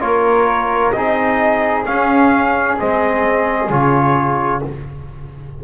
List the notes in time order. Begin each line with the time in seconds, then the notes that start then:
0.00 A#3 F4 A#4 C#5
0.92 C4 D#4 G#4 D#5
1.85 C#4 F5
2.78 G#3 C4 D#5
3.69 C#3 F4 C#5